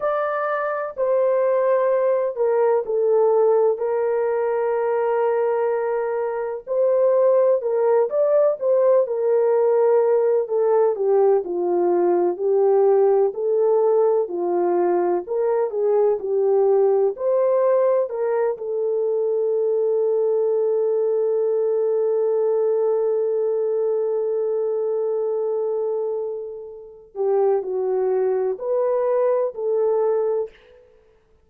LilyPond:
\new Staff \with { instrumentName = "horn" } { \time 4/4 \tempo 4 = 63 d''4 c''4. ais'8 a'4 | ais'2. c''4 | ais'8 d''8 c''8 ais'4. a'8 g'8 | f'4 g'4 a'4 f'4 |
ais'8 gis'8 g'4 c''4 ais'8 a'8~ | a'1~ | a'1~ | a'8 g'8 fis'4 b'4 a'4 | }